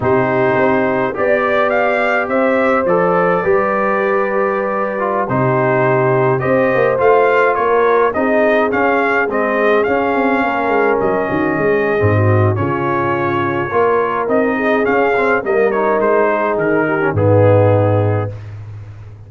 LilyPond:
<<
  \new Staff \with { instrumentName = "trumpet" } { \time 4/4 \tempo 4 = 105 c''2 d''4 f''4 | e''4 d''2.~ | d''4~ d''16 c''2 dis''8.~ | dis''16 f''4 cis''4 dis''4 f''8.~ |
f''16 dis''4 f''2 dis''8.~ | dis''2 cis''2~ | cis''4 dis''4 f''4 dis''8 cis''8 | c''4 ais'4 gis'2 | }
  \new Staff \with { instrumentName = "horn" } { \time 4/4 g'2 d''2 | c''2 b'2~ | b'4~ b'16 g'2 c''8.~ | c''4~ c''16 ais'4 gis'4.~ gis'16~ |
gis'2~ gis'16 ais'4. fis'16~ | fis'16 gis'4 fis'8. f'2 | ais'4. gis'4. ais'4~ | ais'8 gis'4 g'8 dis'2 | }
  \new Staff \with { instrumentName = "trombone" } { \time 4/4 dis'2 g'2~ | g'4 a'4 g'2~ | g'8. f'8 dis'2 g'8.~ | g'16 f'2 dis'4 cis'8.~ |
cis'16 c'4 cis'2~ cis'8.~ | cis'4 c'4 cis'2 | f'4 dis'4 cis'8 c'8 ais8 dis'8~ | dis'4.~ dis'16 cis'16 b2 | }
  \new Staff \with { instrumentName = "tuba" } { \time 4/4 c4 c'4 b2 | c'4 f4 g2~ | g4~ g16 c2 c'8 ais16~ | ais16 a4 ais4 c'4 cis'8.~ |
cis'16 gis4 cis'8 c'8 ais8 gis8 fis8 dis16~ | dis16 gis8. gis,4 cis2 | ais4 c'4 cis'4 g4 | gis4 dis4 gis,2 | }
>>